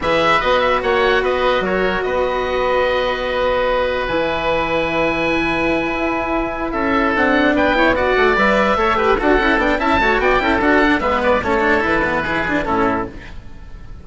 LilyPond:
<<
  \new Staff \with { instrumentName = "oboe" } { \time 4/4 \tempo 4 = 147 e''4 dis''8 e''8 fis''4 dis''4 | cis''4 dis''2.~ | dis''2 gis''2~ | gis''1~ |
gis''8 e''4 fis''4 g''4 fis''8~ | fis''8 e''2 fis''4 g''8 | a''4 g''4 fis''4 e''8 d''8 | cis''4 b'2 a'4 | }
  \new Staff \with { instrumentName = "oboe" } { \time 4/4 b'2 cis''4 b'4 | ais'4 b'2.~ | b'1~ | b'1~ |
b'8 a'2 b'8 cis''8 d''8~ | d''4. cis''8 b'8 a'4. | e''8 cis''8 d''8 a'4. b'4 | a'2 gis'4 e'4 | }
  \new Staff \with { instrumentName = "cello" } { \time 4/4 gis'4 fis'2.~ | fis'1~ | fis'2 e'2~ | e'1~ |
e'4. d'4. e'8 fis'8~ | fis'8 b'4 a'8 g'8 fis'8 e'8 d'8 | e'8 fis'4 e'8 fis'8 d'8 b4 | cis'8 d'8 e'8 b8 e'8 d'8 cis'4 | }
  \new Staff \with { instrumentName = "bassoon" } { \time 4/4 e4 b4 ais4 b4 | fis4 b2.~ | b2 e2~ | e2~ e8 e'4.~ |
e'8 cis'4 c'4 b4. | a8 g4 a4 d'8 cis'8 b8 | cis'8 a8 b8 cis'8 d'4 gis4 | a4 e2 a,4 | }
>>